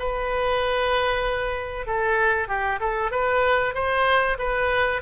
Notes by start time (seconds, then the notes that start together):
0.00 B4
1.87 A4
2.48 G4
2.80 A4
3.12 B4
3.75 C5
4.39 B4